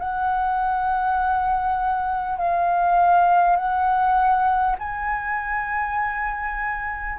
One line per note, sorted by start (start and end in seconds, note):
0.00 2.38 F#5
2.38 3.57 F5
3.57 4.77 F#5
4.79 7.19 G#5